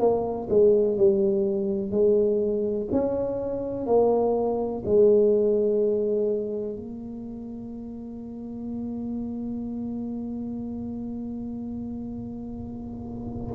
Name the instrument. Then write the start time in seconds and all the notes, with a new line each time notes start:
tuba
0.00 A#3
0.50 G#3
0.97 G3
1.91 G#3
2.92 C#4
3.87 A#3
4.86 G#3
6.76 A#3